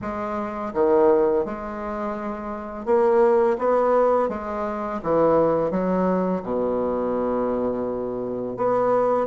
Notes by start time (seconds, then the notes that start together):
0.01 G#3
0.73 D#3
1.45 G#3
2.85 A#3
3.58 B3
4.29 G#3
5.03 E3
5.70 F#3
6.43 B2
8.56 B3